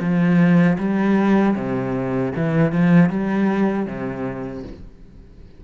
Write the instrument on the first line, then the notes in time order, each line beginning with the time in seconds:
cello
0.00 F3
0.78 G3
1.55 C3
2.36 E3
2.72 F3
3.09 G3
3.86 C3